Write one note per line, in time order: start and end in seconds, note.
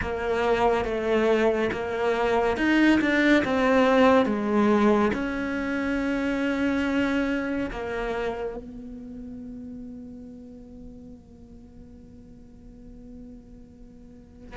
0.01 0.84 A#3
0.84 1.70 A3
1.72 2.57 A#3
2.57 3.00 D#4
3.00 3.43 D4
3.44 4.25 C4
4.25 5.11 G#3
5.13 7.70 C#4
7.70 8.56 A#3
8.56 14.56 B3